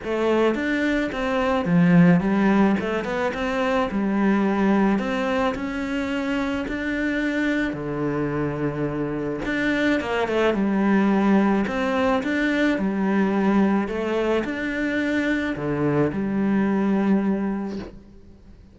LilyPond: \new Staff \with { instrumentName = "cello" } { \time 4/4 \tempo 4 = 108 a4 d'4 c'4 f4 | g4 a8 b8 c'4 g4~ | g4 c'4 cis'2 | d'2 d2~ |
d4 d'4 ais8 a8 g4~ | g4 c'4 d'4 g4~ | g4 a4 d'2 | d4 g2. | }